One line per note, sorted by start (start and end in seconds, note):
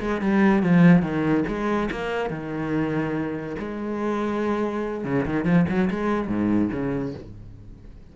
0.00 0.21 G#3
0.21 0.63 G3
0.63 1.02 F3
1.02 1.44 D#3
1.48 1.90 G#3
1.91 2.30 A#3
2.30 3.56 D#3
3.59 5.04 G#3
5.04 5.25 C#3
5.25 5.45 D#3
5.45 5.65 F3
5.69 5.90 F#3
5.90 6.28 G#3
6.28 6.70 G#2
6.72 7.14 C#3